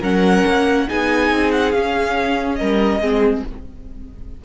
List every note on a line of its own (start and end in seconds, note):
0.00 0.44 F#3
0.00 0.88 C#4
0.00 0.86 A#4
0.00 0.89 F#5
0.47 0.89 A#3
0.88 1.32 B3
0.88 1.73 D#4
0.88 2.59 G#4
0.88 1.51 G#5
1.32 1.74 C4
1.51 1.72 F#5
1.72 3.02 C#4
1.72 2.60 C#4
1.72 2.56 F5
2.56 3.00 G3
2.56 3.01 A#4
2.56 3.41 D#5
3.00 3.43 G#3
3.00 3.45 C4
3.00 3.44 G#4